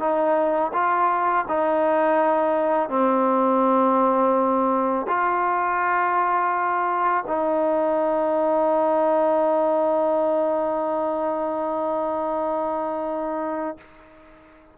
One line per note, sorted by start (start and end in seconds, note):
0.00 0.72 D#4
0.74 1.46 F4
1.49 2.90 D#4
2.90 5.07 C4
5.08 7.25 F4
7.27 13.78 D#4